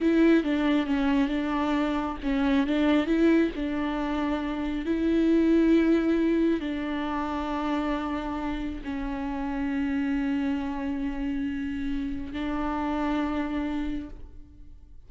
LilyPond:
\new Staff \with { instrumentName = "viola" } { \time 4/4 \tempo 4 = 136 e'4 d'4 cis'4 d'4~ | d'4 cis'4 d'4 e'4 | d'2. e'4~ | e'2. d'4~ |
d'1 | cis'1~ | cis'1 | d'1 | }